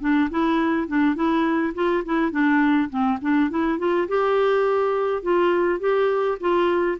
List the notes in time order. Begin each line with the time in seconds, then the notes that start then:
0.00 D4
0.30 E4
0.88 D4
1.15 E4
1.75 F4
2.05 E4
2.31 D4
2.89 C4
3.21 D4
3.50 E4
3.78 F4
4.08 G4
5.22 F4
5.80 G4
6.40 F4